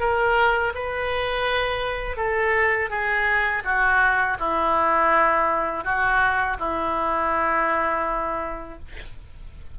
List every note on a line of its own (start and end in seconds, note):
0.00 0.73 A#4
0.75 2.17 B4
2.17 2.90 A4
2.90 3.63 G#4
3.64 4.37 F#4
4.39 5.84 E4
5.84 6.58 F#4
6.59 8.79 E4